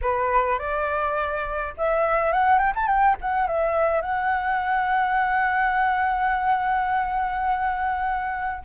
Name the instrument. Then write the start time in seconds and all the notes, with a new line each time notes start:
flute
0.01 B4
0.58 D5
1.77 E5
2.32 F#5
2.58 G5
2.75 A5
2.87 G5
3.21 F#5
3.47 E5
4.01 F#5